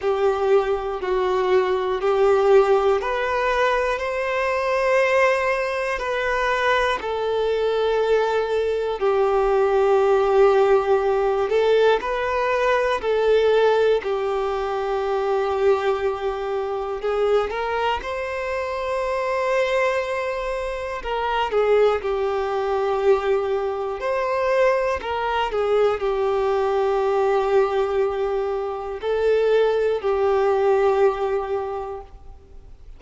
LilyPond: \new Staff \with { instrumentName = "violin" } { \time 4/4 \tempo 4 = 60 g'4 fis'4 g'4 b'4 | c''2 b'4 a'4~ | a'4 g'2~ g'8 a'8 | b'4 a'4 g'2~ |
g'4 gis'8 ais'8 c''2~ | c''4 ais'8 gis'8 g'2 | c''4 ais'8 gis'8 g'2~ | g'4 a'4 g'2 | }